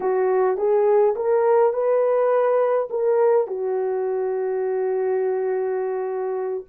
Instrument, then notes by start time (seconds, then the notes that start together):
horn
0.00 F#4
0.57 G#4
1.15 A#4
1.73 B4
2.90 A#4
3.47 F#4